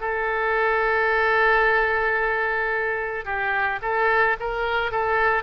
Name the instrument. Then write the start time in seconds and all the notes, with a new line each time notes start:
oboe
0.00 A4
3.25 G4
3.82 A4
4.39 A#4
4.91 A4